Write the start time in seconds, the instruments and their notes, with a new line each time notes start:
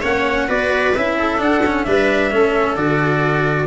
0.00 tuba A#3, cello C#4, viola C#5, trumpet F#5
0.47 tuba B3, cello F#4, viola B4, trumpet D5
0.95 tuba C#4, cello E4, trumpet E5
1.17 viola A4
1.37 cello D4, tuba D4, trumpet F#5
1.66 cello C#4
1.84 tuba G3, cello D4, viola B4, trumpet E5
2.31 tuba A3, cello C#4, viola A4
2.75 tuba D3, cello F#4, trumpet D5